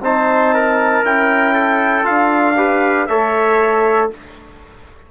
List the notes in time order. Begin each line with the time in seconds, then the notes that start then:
0.00 C4 D#4 C5 A5
0.54 A#4
1.04 C#4 E4 G5
1.53 A4
2.03 D4 F4 F5
2.56 G4 B4
3.07 A3 A4 C#5 E5